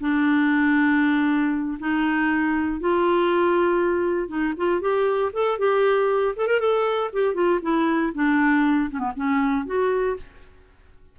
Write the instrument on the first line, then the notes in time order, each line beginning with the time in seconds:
clarinet
0.00 D4
1.79 D#4
2.80 F4
4.28 D#4
4.57 F4
4.81 G4
5.33 A4
5.58 G4
6.36 A4
6.47 A#4
6.59 A4
7.13 G4
7.34 F4
7.62 E4
8.14 D4
8.91 C#4
8.99 B3
9.15 C#4
9.65 F#4